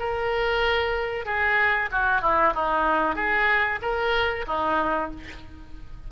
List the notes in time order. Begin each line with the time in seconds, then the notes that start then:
0.00 A#4
1.26 G#4
1.92 F#4
2.22 E4
2.55 D#4
3.16 G#4
3.82 A#4
4.47 D#4